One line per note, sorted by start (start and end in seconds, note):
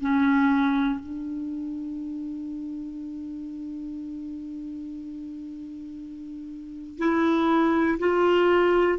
0.00 0.99 C#4
0.99 6.98 D4
6.98 7.98 E4
7.99 8.98 F4